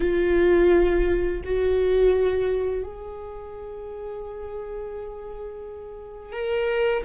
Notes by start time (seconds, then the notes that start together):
0.00 F4
1.44 F#4
2.83 G#4
6.32 A#4